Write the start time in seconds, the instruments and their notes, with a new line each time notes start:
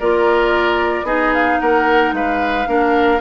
0.00 bassoon A#3, clarinet F4, oboe A#4, flute D5
1.03 bassoon B3, clarinet D#4, oboe G#4, flute D#5
1.34 flute F5
1.60 bassoon A#3, oboe A#4, flute F#5
2.13 bassoon G#3, oboe B4, flute F5
2.67 bassoon A#3, clarinet D4, oboe A#4